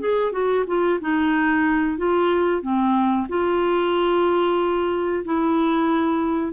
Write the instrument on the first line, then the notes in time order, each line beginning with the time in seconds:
clarinet
0.00 G#4
0.32 F#4
0.67 F4
1.01 D#4
1.98 F4
2.62 C4
3.29 F4
5.25 E4